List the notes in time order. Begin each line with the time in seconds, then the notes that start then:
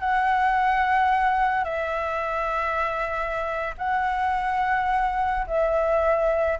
0.00 F#5
1.64 E5
3.78 F#5
5.47 E5